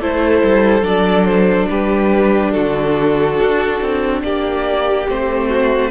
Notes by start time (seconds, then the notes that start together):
0.00 A3 E4 A4 C5
0.43 G3
0.82 F#3 D4 D5
1.25 C5
1.70 G3 G4 B4
2.51 D3 F#4 A4
3.40 D4
3.81 C4
4.23 A#3 G4 D5
5.08 A3 C4 C5
5.49 F#4